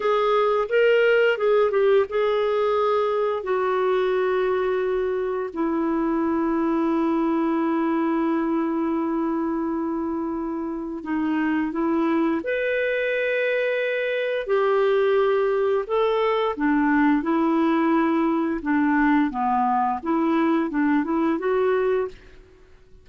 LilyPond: \new Staff \with { instrumentName = "clarinet" } { \time 4/4 \tempo 4 = 87 gis'4 ais'4 gis'8 g'8 gis'4~ | gis'4 fis'2. | e'1~ | e'1 |
dis'4 e'4 b'2~ | b'4 g'2 a'4 | d'4 e'2 d'4 | b4 e'4 d'8 e'8 fis'4 | }